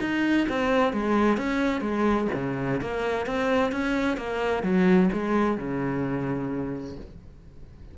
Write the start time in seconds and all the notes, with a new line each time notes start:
0.00 D#4
0.49 C4
0.93 G#3
1.37 C#4
1.81 G#3
2.34 C#3
2.81 A#3
3.26 C4
3.72 C#4
4.17 A#3
4.63 F#3
5.12 G#3
5.57 C#3